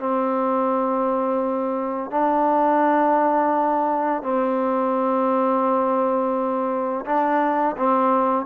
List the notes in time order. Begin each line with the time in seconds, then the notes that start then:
0.00 C4
2.11 D4
4.23 C4
7.06 D4
7.77 C4